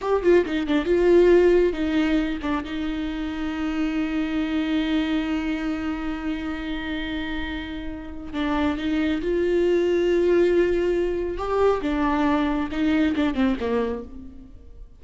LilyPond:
\new Staff \with { instrumentName = "viola" } { \time 4/4 \tempo 4 = 137 g'8 f'8 dis'8 d'8 f'2 | dis'4. d'8 dis'2~ | dis'1~ | dis'1~ |
dis'2. d'4 | dis'4 f'2.~ | f'2 g'4 d'4~ | d'4 dis'4 d'8 c'8 ais4 | }